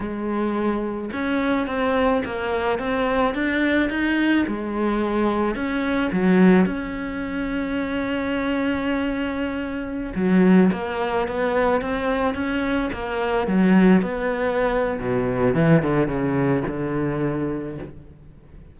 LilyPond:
\new Staff \with { instrumentName = "cello" } { \time 4/4 \tempo 4 = 108 gis2 cis'4 c'4 | ais4 c'4 d'4 dis'4 | gis2 cis'4 fis4 | cis'1~ |
cis'2~ cis'16 fis4 ais8.~ | ais16 b4 c'4 cis'4 ais8.~ | ais16 fis4 b4.~ b16 b,4 | e8 d8 cis4 d2 | }